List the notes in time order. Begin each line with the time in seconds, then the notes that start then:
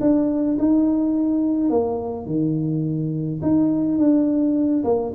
0.00 D4
0.58 D#4
1.70 A#3
2.26 D#3
3.42 D#4
3.98 D4
4.84 A#3